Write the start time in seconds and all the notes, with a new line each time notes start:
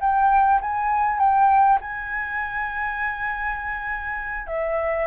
0.00 G5
0.61 G#5
1.19 G5
1.81 G#5
4.47 E5